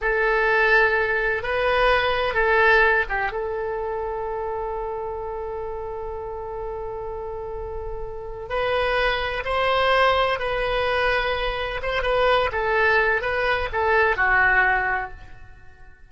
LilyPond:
\new Staff \with { instrumentName = "oboe" } { \time 4/4 \tempo 4 = 127 a'2. b'4~ | b'4 a'4. g'8 a'4~ | a'1~ | a'1~ |
a'2 b'2 | c''2 b'2~ | b'4 c''8 b'4 a'4. | b'4 a'4 fis'2 | }